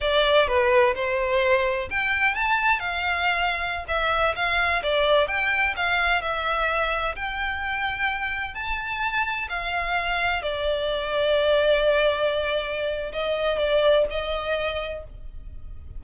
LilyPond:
\new Staff \with { instrumentName = "violin" } { \time 4/4 \tempo 4 = 128 d''4 b'4 c''2 | g''4 a''4 f''2~ | f''16 e''4 f''4 d''4 g''8.~ | g''16 f''4 e''2 g''8.~ |
g''2~ g''16 a''4.~ a''16~ | a''16 f''2 d''4.~ d''16~ | d''1 | dis''4 d''4 dis''2 | }